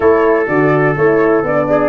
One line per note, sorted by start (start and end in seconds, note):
0.00 0.48 A3
0.00 0.47 E4
0.00 1.68 A4
0.00 0.46 C#5
0.47 0.96 D3
0.47 0.97 F#4
0.47 0.95 D5
0.96 1.43 A3
0.96 1.46 E4
0.96 1.44 C#5
1.43 1.89 B3
1.43 1.89 D4
1.43 1.89 D5
1.69 1.89 G#4